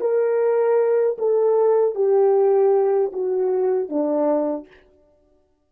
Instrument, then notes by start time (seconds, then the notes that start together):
horn
0.00 A#4
1.18 A4
1.94 G4
3.12 F#4
3.89 D4